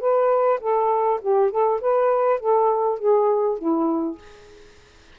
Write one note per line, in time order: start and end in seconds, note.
0.00 0.59 B4
0.60 1.20 A4
1.22 1.51 G4
1.51 1.81 A4
1.81 2.40 B4
2.40 2.99 A4
2.99 3.58 G#4
3.59 4.18 E4